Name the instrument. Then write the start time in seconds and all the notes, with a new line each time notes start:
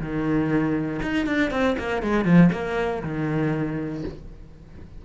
cello
0.00 D#3
1.02 D#4
1.27 D4
1.51 C4
1.79 A#3
2.03 G#3
2.25 F3
2.53 A#3
3.03 D#3